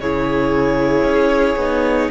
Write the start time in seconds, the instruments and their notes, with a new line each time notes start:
0.00 cello C#3, viola E4, violin G#4 C#5
1.03 cello C#4
1.56 cello B3, viola D#4